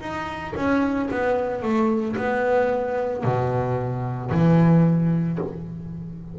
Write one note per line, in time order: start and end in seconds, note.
0.00 0.54 D#4
0.56 1.10 C#4
1.11 1.62 B3
1.62 2.16 A3
2.17 3.24 B3
3.24 4.31 B2
4.31 5.39 E3